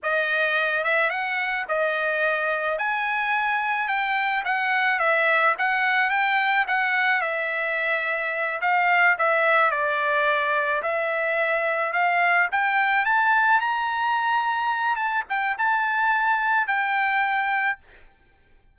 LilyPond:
\new Staff \with { instrumentName = "trumpet" } { \time 4/4 \tempo 4 = 108 dis''4. e''8 fis''4 dis''4~ | dis''4 gis''2 g''4 | fis''4 e''4 fis''4 g''4 | fis''4 e''2~ e''8 f''8~ |
f''8 e''4 d''2 e''8~ | e''4. f''4 g''4 a''8~ | a''8 ais''2~ ais''8 a''8 g''8 | a''2 g''2 | }